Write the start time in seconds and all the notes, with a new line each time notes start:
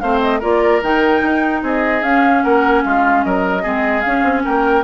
0.00 A3 C4 C5 F5
0.21 D#5
0.39 A#3 F4 A#4 D5
0.82 D#3 D#4 G5
1.22 D#4
1.62 C4 G#4 D#5
2.02 C#4 F5
2.43 A#3 A#4 F#5
2.83 G#3 F4 F5
3.23 F#3 A#4 D#5
3.62 G#3 C4 G#4
4.00 C#4 F5
4.23 C4
4.44 A#3 A#4 G5